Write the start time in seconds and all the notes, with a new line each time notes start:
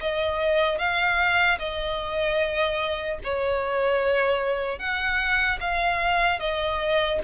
0.00 D#5
0.78 F5
1.58 D#5
3.23 C#5
4.78 F#5
5.60 F5
6.39 D#5